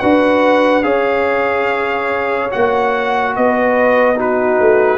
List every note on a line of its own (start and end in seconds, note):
0.00 0.85 D4
0.00 0.83 F#4
0.00 0.84 B4
0.00 0.83 F#5
0.83 2.51 C#4
0.83 2.50 G#4
0.83 3.34 C#5
0.83 2.50 F5
2.51 3.37 A#3
2.51 4.16 F#4
2.51 3.36 F#5
3.36 4.60 B3
3.36 4.17 B4
3.36 4.19 D#5
4.16 4.99 D#4
4.16 4.99 F#4
4.16 4.99 B4
4.60 4.99 A3